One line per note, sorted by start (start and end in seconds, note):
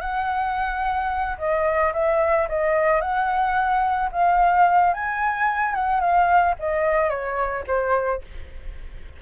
0.00 1.36 F#5
1.37 1.92 D#5
1.93 2.47 E5
2.48 3.00 D#5
3.00 4.09 F#5
4.12 4.93 F5
4.93 5.74 G#5
5.74 6.00 F#5
6.00 6.55 F5
6.59 7.09 D#5
7.09 7.64 C#5
7.67 8.21 C5